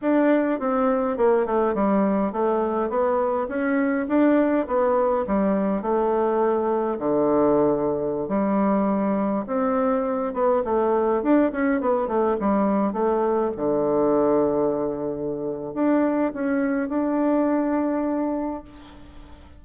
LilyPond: \new Staff \with { instrumentName = "bassoon" } { \time 4/4 \tempo 4 = 103 d'4 c'4 ais8 a8 g4 | a4 b4 cis'4 d'4 | b4 g4 a2 | d2~ d16 g4.~ g16~ |
g16 c'4. b8 a4 d'8 cis'16~ | cis'16 b8 a8 g4 a4 d8.~ | d2. d'4 | cis'4 d'2. | }